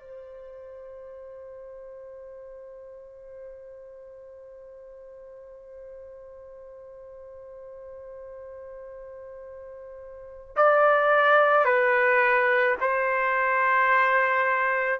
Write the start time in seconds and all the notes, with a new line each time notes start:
0.00 C5
10.57 D5
11.65 B4
12.81 C5